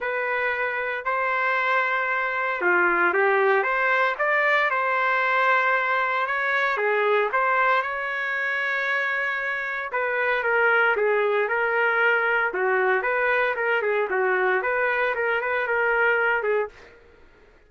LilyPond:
\new Staff \with { instrumentName = "trumpet" } { \time 4/4 \tempo 4 = 115 b'2 c''2~ | c''4 f'4 g'4 c''4 | d''4 c''2. | cis''4 gis'4 c''4 cis''4~ |
cis''2. b'4 | ais'4 gis'4 ais'2 | fis'4 b'4 ais'8 gis'8 fis'4 | b'4 ais'8 b'8 ais'4. gis'8 | }